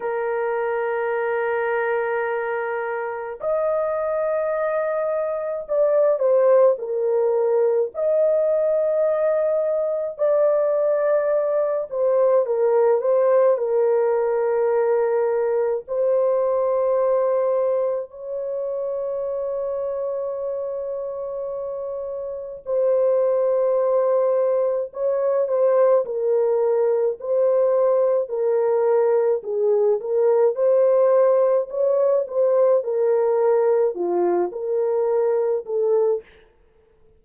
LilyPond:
\new Staff \with { instrumentName = "horn" } { \time 4/4 \tempo 4 = 53 ais'2. dis''4~ | dis''4 d''8 c''8 ais'4 dis''4~ | dis''4 d''4. c''8 ais'8 c''8 | ais'2 c''2 |
cis''1 | c''2 cis''8 c''8 ais'4 | c''4 ais'4 gis'8 ais'8 c''4 | cis''8 c''8 ais'4 f'8 ais'4 a'8 | }